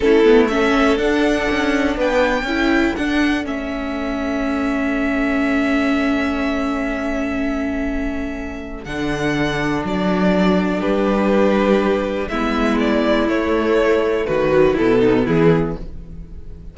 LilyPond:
<<
  \new Staff \with { instrumentName = "violin" } { \time 4/4 \tempo 4 = 122 a'4 e''4 fis''2 | g''2 fis''4 e''4~ | e''1~ | e''1~ |
e''2 fis''2 | d''2 b'2~ | b'4 e''4 d''4 cis''4~ | cis''4 b'4 a'4 gis'4 | }
  \new Staff \with { instrumentName = "violin" } { \time 4/4 e'4 a'2. | b'4 a'2.~ | a'1~ | a'1~ |
a'1~ | a'2 g'2~ | g'4 e'2.~ | e'4 fis'4 e'8 dis'8 e'4 | }
  \new Staff \with { instrumentName = "viola" } { \time 4/4 cis'8 b8 cis'4 d'2~ | d'4 e'4 d'4 cis'4~ | cis'1~ | cis'1~ |
cis'2 d'2~ | d'1~ | d'4 b2 a4~ | a4. fis8 b2 | }
  \new Staff \with { instrumentName = "cello" } { \time 4/4 a2 d'4 cis'4 | b4 cis'4 d'4 a4~ | a1~ | a1~ |
a2 d2 | fis2 g2~ | g4 gis2 a4~ | a4 dis4 b,4 e4 | }
>>